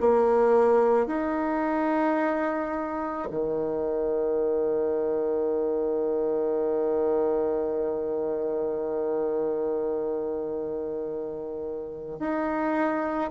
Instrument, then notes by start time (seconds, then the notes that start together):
bassoon
0.00 A#3
1.06 D#4
3.30 D#3
12.19 D#4